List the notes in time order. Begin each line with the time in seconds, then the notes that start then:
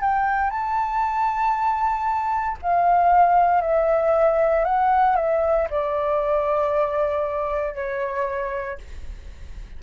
0.00 G5
0.50 A5
2.61 F5
3.61 E5
4.64 F#5
5.15 E5
5.70 D5
7.74 C#5